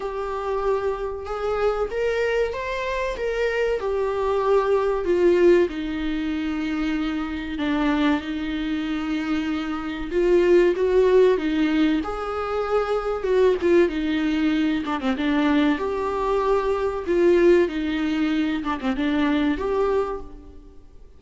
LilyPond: \new Staff \with { instrumentName = "viola" } { \time 4/4 \tempo 4 = 95 g'2 gis'4 ais'4 | c''4 ais'4 g'2 | f'4 dis'2. | d'4 dis'2. |
f'4 fis'4 dis'4 gis'4~ | gis'4 fis'8 f'8 dis'4. d'16 c'16 | d'4 g'2 f'4 | dis'4. d'16 c'16 d'4 g'4 | }